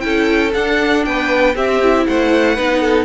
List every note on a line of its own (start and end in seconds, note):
0.00 0.55 C#4
0.00 0.51 E4
0.00 1.07 A4
0.00 0.51 G5
0.54 1.06 D4
0.54 1.56 D4
0.54 1.05 F#5
1.05 1.56 B3
1.05 1.56 B4
1.05 1.56 G5
1.56 1.81 C4
1.56 2.07 C4
1.56 2.07 G4
1.56 2.07 E5
1.83 2.58 E4
2.07 2.59 A3
2.07 2.55 C5
2.07 3.06 F#5
2.55 3.06 B3
2.55 3.06 D#4
2.55 2.80 B4
2.81 3.06 A4